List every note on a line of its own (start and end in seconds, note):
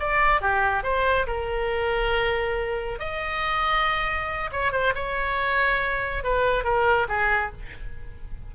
0.00 0.42 D5
0.42 0.84 G4
0.84 1.27 C5
1.27 3.00 A#4
3.00 4.51 D#5
4.52 4.72 C#5
4.72 4.94 C5
4.95 6.24 C#5
6.24 6.64 B4
6.64 7.07 A#4
7.09 7.52 G#4